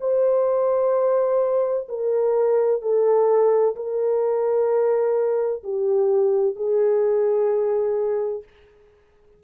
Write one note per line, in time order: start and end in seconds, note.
0.00 1.87 C5
1.88 2.82 A#4
2.82 3.75 A4
3.75 5.63 A#4
5.63 6.56 G4
6.56 8.43 G#4